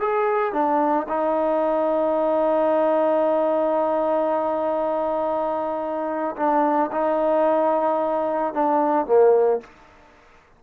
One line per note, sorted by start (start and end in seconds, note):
0.00 0.53 G#4
0.53 1.07 D4
1.09 6.36 D#4
6.36 6.90 D4
6.92 8.54 D#4
8.54 9.06 D4
9.06 9.60 A#3